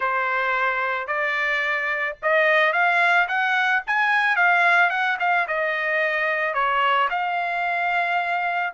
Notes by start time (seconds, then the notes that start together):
0.00 C5
1.07 D5
2.22 D#5
2.72 F5
3.28 F#5
3.87 G#5
4.36 F5
4.90 F#5
5.19 F5
5.47 D#5
6.54 C#5
7.09 F5